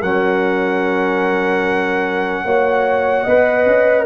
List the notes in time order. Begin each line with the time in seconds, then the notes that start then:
0.00 F#3 C#4 A#4 F#5
2.44 A#3 F#4 C#5
3.23 B3 B4 D#5
3.66 C#4